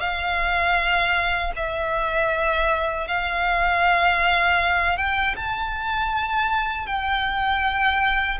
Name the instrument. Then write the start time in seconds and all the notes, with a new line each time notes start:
violin
0.00 F5
1.56 E5
3.07 F5
4.97 G5
5.36 A5
6.86 G5